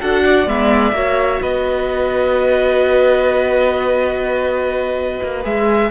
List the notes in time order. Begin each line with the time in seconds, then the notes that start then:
0.00 D4 F#4 A4 F#5
0.25 D5
0.47 G#3 B3 E5
0.93 A#3 F#4 C#5
1.42 B3 B4 D#5
5.23 A#3
5.43 G#3 G#4 E5